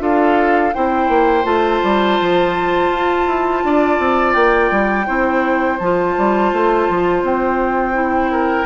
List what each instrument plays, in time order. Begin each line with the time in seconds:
0.00 bassoon D4, clarinet F4, oboe A4, flute F5
0.74 bassoon C4, clarinet E4, oboe C5, flute G5
1.09 bassoon A#3
1.44 bassoon A3, clarinet F4, flute A5
1.84 bassoon G3
2.21 bassoon F3
2.91 bassoon F4
3.27 bassoon E4
3.64 bassoon D4, oboe D5
4.00 bassoon C4
4.34 bassoon A#3, flute G5
4.72 bassoon G3
5.07 bassoon C4, clarinet E4, oboe C5
5.79 bassoon F3, clarinet F4, flute A5
6.18 bassoon G3
6.53 bassoon A3
6.90 bassoon F3
7.23 bassoon C4, flute G5
7.94 clarinet E4
8.32 oboe A#4